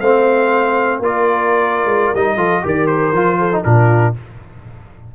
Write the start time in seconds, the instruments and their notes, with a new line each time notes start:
0.00 tuba A3, trombone C4, horn C5, trumpet F5
0.99 tuba A#3, trombone F4, horn A#4, trumpet D5
1.85 tuba G#3
2.14 tuba G3, trombone D#4, trumpet D#5
2.36 tuba F3, trombone F4, horn A4
2.62 tuba D#3, trombone G4, horn A#4, trumpet D5
2.86 trumpet C5
3.12 tuba F3, trombone F4
3.39 horn A4
3.52 trombone D#4
3.64 tuba A#2, trombone D4, horn F4, trumpet A#4